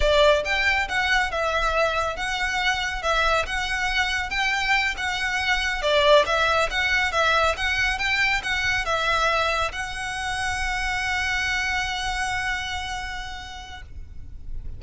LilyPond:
\new Staff \with { instrumentName = "violin" } { \time 4/4 \tempo 4 = 139 d''4 g''4 fis''4 e''4~ | e''4 fis''2 e''4 | fis''2 g''4. fis''8~ | fis''4. d''4 e''4 fis''8~ |
fis''8 e''4 fis''4 g''4 fis''8~ | fis''8 e''2 fis''4.~ | fis''1~ | fis''1 | }